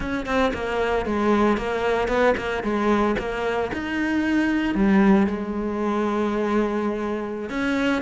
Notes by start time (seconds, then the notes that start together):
0.00 C#4
0.25 C4
0.53 A#3
1.05 G#3
1.57 A#3
2.08 B3
2.37 A#3
2.63 G#3
3.18 A#3
3.73 D#4
4.75 G3
5.27 G#3
7.49 C#4